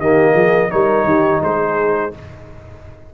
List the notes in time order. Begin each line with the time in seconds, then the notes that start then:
0.00 D#3 A#3 G4 D#5
0.32 F3 G#4
0.70 G3 D#4 A#4 C#5
1.04 D#3 G4
1.42 G#3 G#4 C5